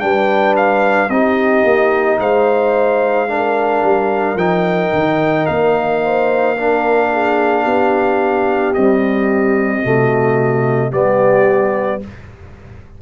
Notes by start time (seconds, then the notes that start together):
0.00 G3 D4 B4 G5
0.57 F5
1.10 C4 D#4 G4 D#5
1.64 A#3
2.19 G#3 C5 F5
3.28 D4 A#4
3.83 G3
4.36 F3 D#4 G5
4.93 D#3
5.46 A#3 F5
6.04 C5
6.56 D4 A#4
7.12 G#4
7.63 B3 G4
8.74 G3 C4 D#5
9.82 C3 A3 F#4
10.90 G3 B3 G4 D5